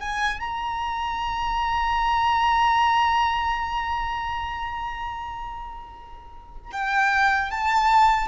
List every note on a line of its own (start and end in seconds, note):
0.00 0.39 G#5
0.40 6.71 A#5
6.72 7.51 G5
7.51 8.28 A5